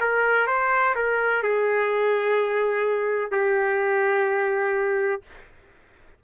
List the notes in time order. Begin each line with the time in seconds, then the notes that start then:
0.00 A#4
0.47 C5
0.95 A#4
1.43 G#4
3.31 G4